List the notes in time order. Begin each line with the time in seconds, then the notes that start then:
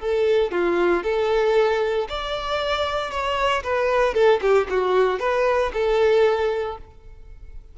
0.00 A4
0.52 F4
1.04 A4
2.09 D5
3.11 C#5
3.64 B4
4.15 A4
4.42 G4
4.70 F#4
5.20 B4
5.74 A4